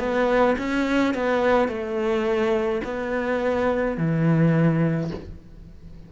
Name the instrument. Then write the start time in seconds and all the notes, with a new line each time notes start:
cello
0.00 B3
0.59 C#4
1.15 B3
1.69 A3
2.85 B3
3.98 E3